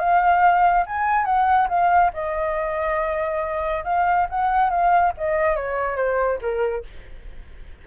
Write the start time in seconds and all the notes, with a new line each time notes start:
0.00 F5
0.86 G#5
1.26 F#5
1.69 F5
2.14 D#5
3.85 F5
4.30 F#5
4.70 F5
5.18 D#5
5.56 C#5
5.97 C5
6.42 A#4